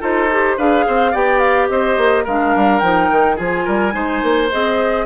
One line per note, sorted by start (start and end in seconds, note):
0.00 0.58 D#4
0.00 0.28 F4
0.00 0.56 A4
0.00 0.59 C5
0.31 0.59 G4
0.57 0.86 D4
0.57 1.13 G#4
0.57 0.85 B4
0.57 1.14 F5
0.87 1.14 C4
0.87 1.11 C5
1.11 1.69 B3
1.11 2.25 G4
1.11 1.67 D5
1.11 1.39 G5
1.39 1.67 F5
1.69 1.97 C4
1.69 2.24 C5
1.69 2.25 D#5
1.97 2.25 A#3
2.24 2.55 G#3
2.24 2.82 D4
2.24 3.36 A#4
2.24 2.79 F5
2.55 2.81 G3
2.79 3.09 F3
2.79 3.36 D#4
2.79 3.35 G5
3.10 3.38 D#3
3.36 3.67 F3
3.36 3.91 F4
3.36 3.64 G#4
3.36 4.49 G#5
3.65 3.94 G3
3.65 3.93 A#4
3.91 4.22 G#3
3.91 4.47 D#4
3.91 5.05 C5
4.22 4.50 A#3
4.51 5.05 C4
4.51 5.05 G#4
4.51 5.05 D#5